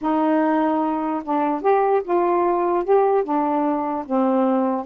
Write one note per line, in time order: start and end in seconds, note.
0.01 1.22 D#4
1.24 1.61 D4
1.61 2.02 G4
2.03 2.84 F4
2.84 3.24 G4
3.24 4.05 D4
4.05 4.85 C4